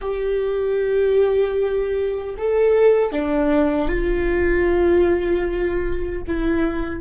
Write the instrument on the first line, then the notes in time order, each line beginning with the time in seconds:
viola
0.01 G4
2.37 A4
3.12 D4
3.88 F4
6.27 E4